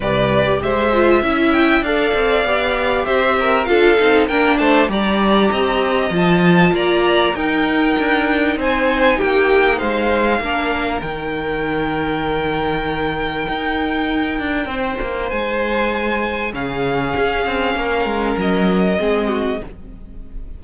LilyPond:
<<
  \new Staff \with { instrumentName = "violin" } { \time 4/4 \tempo 4 = 98 d''4 e''4. g''8 f''4~ | f''4 e''4 f''4 g''8 a''8 | ais''2 a''4 ais''4 | g''2 gis''4 g''4 |
f''2 g''2~ | g''1~ | g''4 gis''2 f''4~ | f''2 dis''2 | }
  \new Staff \with { instrumentName = "violin" } { \time 4/4 b'4 c''4 e''4 d''4~ | d''4 c''8 ais'8 a'4 ais'8 c''8 | d''4 dis''2 d''4 | ais'2 c''4 g'4 |
c''4 ais'2.~ | ais'1 | c''2. gis'4~ | gis'4 ais'2 gis'8 fis'8 | }
  \new Staff \with { instrumentName = "viola" } { \time 4/4 g'4. f'8 e'4 a'4 | g'2 f'8 dis'8 d'4 | g'2 f'2 | dis'1~ |
dis'4 d'4 dis'2~ | dis'1~ | dis'2. cis'4~ | cis'2. c'4 | }
  \new Staff \with { instrumentName = "cello" } { \time 4/4 c,4 gis4 cis'4 d'8 c'8 | b4 c'4 d'8 c'8 ais8 a8 | g4 c'4 f4 ais4 | dis'4 d'4 c'4 ais4 |
gis4 ais4 dis2~ | dis2 dis'4. d'8 | c'8 ais8 gis2 cis4 | cis'8 c'8 ais8 gis8 fis4 gis4 | }
>>